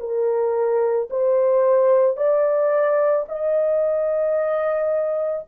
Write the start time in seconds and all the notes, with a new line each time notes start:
0.00 A#4
1.10 C5
2.17 D5
3.28 D#5